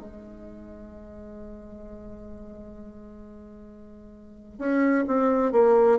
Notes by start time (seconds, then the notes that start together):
0.00 G#3
4.59 C#4
5.08 C4
5.52 A#3